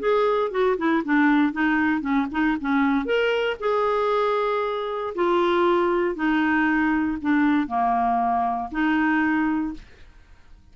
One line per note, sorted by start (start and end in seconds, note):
0.00 0.51 G#4
0.51 0.77 F#4
0.78 1.03 E4
1.05 1.53 D4
1.53 2.01 D#4
2.01 2.27 C#4
2.32 2.57 D#4
2.61 3.06 C#4
3.06 3.57 A#4
3.60 5.14 G#4
5.15 6.16 F4
6.16 7.18 D#4
7.22 7.68 D4
7.68 8.70 A#3
8.72 9.74 D#4